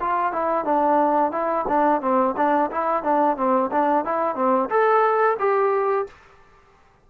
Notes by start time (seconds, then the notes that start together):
0.00 F4
0.32 E4
0.65 D4
1.31 E4
1.68 D4
2.01 C4
2.37 D4
2.71 E4
3.03 D4
3.37 C4
3.71 D4
4.05 E4
4.35 C4
4.69 A4
5.39 G4